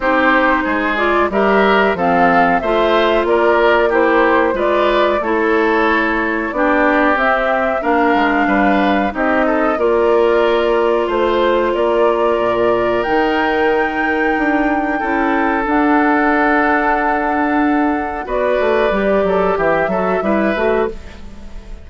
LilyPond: <<
  \new Staff \with { instrumentName = "flute" } { \time 4/4 \tempo 4 = 92 c''4. d''8 e''4 f''4 | e''4 d''4 c''4 d''4 | cis''2 d''4 e''4 | f''2 dis''4 d''4~ |
d''4 c''4 d''2 | g''1 | fis''1 | d''2 e''2 | }
  \new Staff \with { instrumentName = "oboe" } { \time 4/4 g'4 gis'4 ais'4 a'4 | c''4 ais'4 g'4 b'4 | a'2 g'2 | ais'4 b'4 g'8 a'8 ais'4~ |
ais'4 c''4 ais'2~ | ais'2. a'4~ | a'1 | b'4. a'8 g'8 a'8 b'4 | }
  \new Staff \with { instrumentName = "clarinet" } { \time 4/4 dis'4. f'8 g'4 c'4 | f'2 e'4 f'4 | e'2 d'4 c'4 | d'2 dis'4 f'4~ |
f'1 | dis'2. e'4 | d'1 | fis'4 g'4. fis'8 e'8 fis'8 | }
  \new Staff \with { instrumentName = "bassoon" } { \time 4/4 c'4 gis4 g4 f4 | a4 ais2 gis4 | a2 b4 c'4 | ais8 gis8 g4 c'4 ais4~ |
ais4 a4 ais4 ais,4 | dis2 d'4 cis'4 | d'1 | b8 a8 g8 fis8 e8 fis8 g8 a8 | }
>>